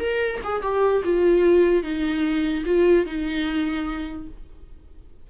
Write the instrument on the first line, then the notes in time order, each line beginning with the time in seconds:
viola
0.00 A#4
0.44 G#4
0.62 G4
1.04 F4
1.83 D#4
2.66 F4
3.06 D#4